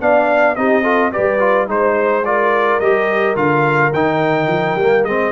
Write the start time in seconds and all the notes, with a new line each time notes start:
0.00 B3 D4 D5 F5
0.55 C4 D#4 G4 D#5
0.83 F4 A4
1.12 G3 G4 B4 D5
1.39 F4
1.67 G#3 D#4 C5
1.73 C5
2.25 F4 A#4 D5
2.80 G3 G4 D#5
3.35 D3 F4 F5
3.93 D#3 D#4 G5
4.47 F3
4.75 G3 A#3
5.04 G#3 C4 D#5